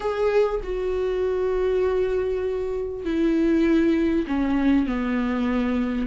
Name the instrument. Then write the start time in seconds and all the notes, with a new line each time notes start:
viola
0.00 G#4
0.63 F#4
3.04 E4
4.27 C#4
4.86 B3